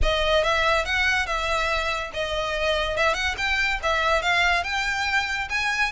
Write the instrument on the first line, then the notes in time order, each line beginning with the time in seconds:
violin
0.02 D#5
0.43 E5
0.85 F#5
1.26 E5
2.13 D#5
2.97 E5
3.14 F#5
3.37 G5
3.82 E5
4.22 F5
4.63 G5
5.49 G#5